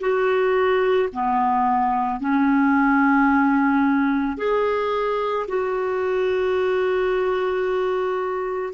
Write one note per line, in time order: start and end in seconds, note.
0.00 1.09 F#4
1.13 2.20 B3
2.20 4.37 C#4
4.37 5.46 G#4
5.47 8.73 F#4